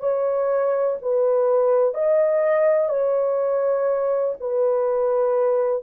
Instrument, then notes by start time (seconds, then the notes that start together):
horn
0.00 C#5
1.02 B4
1.94 D#5
2.89 C#5
4.40 B4